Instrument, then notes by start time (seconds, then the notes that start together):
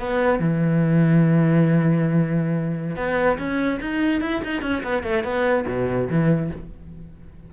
cello
0.00 B3
0.39 E3
2.97 B3
3.39 C#4
3.81 D#4
4.21 E4
4.44 D#4
4.62 C#4
4.84 B3
5.03 A3
5.24 B3
5.68 B2
6.10 E3